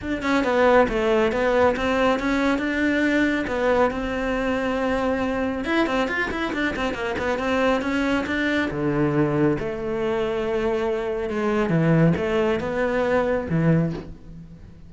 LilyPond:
\new Staff \with { instrumentName = "cello" } { \time 4/4 \tempo 4 = 138 d'8 cis'8 b4 a4 b4 | c'4 cis'4 d'2 | b4 c'2.~ | c'4 e'8 c'8 f'8 e'8 d'8 c'8 |
ais8 b8 c'4 cis'4 d'4 | d2 a2~ | a2 gis4 e4 | a4 b2 e4 | }